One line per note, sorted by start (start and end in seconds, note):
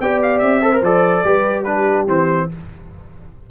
0.00 0.42 B3
0.00 0.62 G4
0.00 0.64 D5
0.00 0.21 G5
0.22 0.39 F5
0.39 0.82 C4
0.39 0.81 E5
0.62 0.72 A4
0.62 1.26 C5
0.73 0.83 A#4
0.82 1.23 F3
0.82 1.25 A4
0.82 1.64 D5
1.24 2.07 G3
1.24 1.66 G4
1.24 1.66 B4
1.64 2.07 D4
1.64 2.50 G4
1.64 2.05 B4
2.07 2.49 E3
2.07 2.49 C4
2.07 2.51 C5